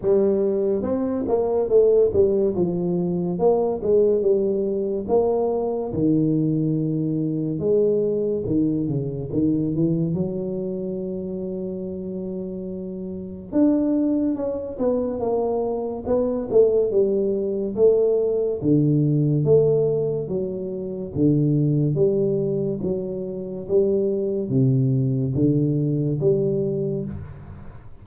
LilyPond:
\new Staff \with { instrumentName = "tuba" } { \time 4/4 \tempo 4 = 71 g4 c'8 ais8 a8 g8 f4 | ais8 gis8 g4 ais4 dis4~ | dis4 gis4 dis8 cis8 dis8 e8 | fis1 |
d'4 cis'8 b8 ais4 b8 a8 | g4 a4 d4 a4 | fis4 d4 g4 fis4 | g4 c4 d4 g4 | }